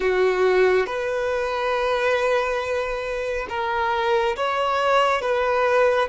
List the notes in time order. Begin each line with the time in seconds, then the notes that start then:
0.00 F#4
0.86 B4
3.49 A#4
4.36 C#5
5.21 B4